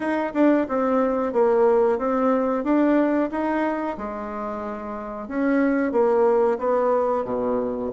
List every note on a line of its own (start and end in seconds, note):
0.00 0.32 D#4
0.34 0.67 D4
0.68 1.32 C4
1.32 1.98 A#3
1.98 2.63 C4
2.63 3.29 D4
3.31 3.97 D#4
3.97 5.27 G#3
5.27 5.92 C#4
5.92 6.58 A#3
6.58 7.24 B3
7.24 7.90 B2